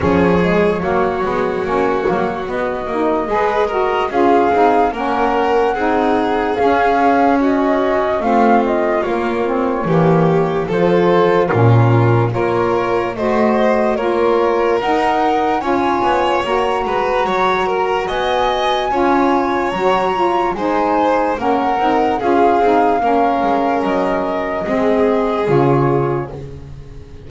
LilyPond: <<
  \new Staff \with { instrumentName = "flute" } { \time 4/4 \tempo 4 = 73 cis''2. dis''4~ | dis''4 f''4 fis''2 | f''4 dis''4 f''8 dis''8 cis''4~ | cis''4 c''4 ais'4 cis''4 |
dis''4 cis''4 fis''4 gis''4 | ais''2 gis''2 | ais''4 gis''4 fis''4 f''4~ | f''4 dis''2 cis''4 | }
  \new Staff \with { instrumentName = "violin" } { \time 4/4 gis'4 fis'2. | b'8 ais'8 gis'4 ais'4 gis'4~ | gis'4 fis'4 f'2 | g'4 a'4 f'4 ais'4 |
c''4 ais'2 cis''4~ | cis''8 b'8 cis''8 ais'8 dis''4 cis''4~ | cis''4 c''4 ais'4 gis'4 | ais'2 gis'2 | }
  \new Staff \with { instrumentName = "saxophone" } { \time 4/4 cis'8 gis8 ais8 b8 cis'8 ais8 b8 dis'8 | gis'8 fis'8 f'8 dis'8 cis'4 dis'4 | cis'2 c'4 ais8 c'8 | ais4 f'4 cis'4 f'4 |
fis'4 f'4 dis'4 f'4 | fis'2. f'4 | fis'8 f'8 dis'4 cis'8 dis'8 f'8 dis'8 | cis'2 c'4 f'4 | }
  \new Staff \with { instrumentName = "double bass" } { \time 4/4 f4 fis8 gis8 ais8 fis8 b8 ais8 | gis4 cis'8 c'8 ais4 c'4 | cis'2 a4 ais4 | e4 f4 ais,4 ais4 |
a4 ais4 dis'4 cis'8 b8 | ais8 gis8 fis4 b4 cis'4 | fis4 gis4 ais8 c'8 cis'8 c'8 | ais8 gis8 fis4 gis4 cis4 | }
>>